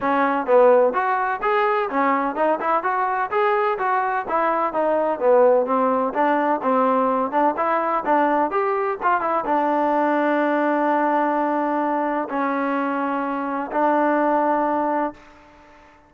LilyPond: \new Staff \with { instrumentName = "trombone" } { \time 4/4 \tempo 4 = 127 cis'4 b4 fis'4 gis'4 | cis'4 dis'8 e'8 fis'4 gis'4 | fis'4 e'4 dis'4 b4 | c'4 d'4 c'4. d'8 |
e'4 d'4 g'4 f'8 e'8 | d'1~ | d'2 cis'2~ | cis'4 d'2. | }